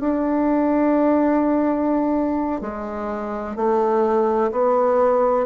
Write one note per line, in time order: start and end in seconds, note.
0.00 2.61 D4
2.61 3.56 G#3
3.56 4.52 A3
4.52 5.46 B3